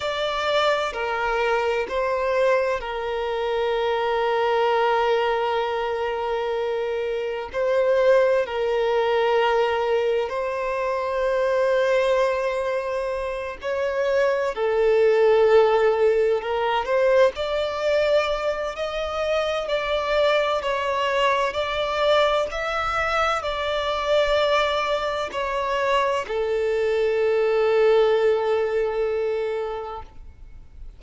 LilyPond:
\new Staff \with { instrumentName = "violin" } { \time 4/4 \tempo 4 = 64 d''4 ais'4 c''4 ais'4~ | ais'1 | c''4 ais'2 c''4~ | c''2~ c''8 cis''4 a'8~ |
a'4. ais'8 c''8 d''4. | dis''4 d''4 cis''4 d''4 | e''4 d''2 cis''4 | a'1 | }